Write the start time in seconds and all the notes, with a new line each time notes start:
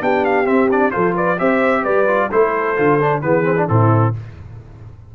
0.00 B3 D4 G4 G5
0.25 F5
0.45 C4 E5
0.71 D4 D5
0.91 F3 F4 A4 C5
1.15 B4 D5
1.38 C4 G4 C5 E5
1.83 G3 B4 D5
2.07 F4
2.30 A3 E4 A4 C5
2.76 D3 F4
3.00 D4
3.21 E3 B3 G#4 B4
3.44 C4
3.57 D4
3.68 A2 C4 E4 A4